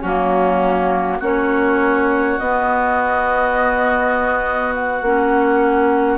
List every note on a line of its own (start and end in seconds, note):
0.00 1.20 F#3
0.00 1.22 A#3
0.00 1.18 C#4
0.00 1.19 F#4
1.19 2.38 A#3
1.19 2.39 C#4
1.19 6.18 F#4
1.19 2.38 C#5
2.38 5.01 B3
2.38 5.04 B3
2.38 4.74 D#5
4.74 6.18 F#5
5.01 6.18 A#3
5.01 6.18 C#4